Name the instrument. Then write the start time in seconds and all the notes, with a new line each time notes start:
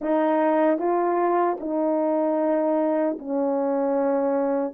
horn
0.01 D#4
0.78 F4
1.60 D#4
3.19 C#4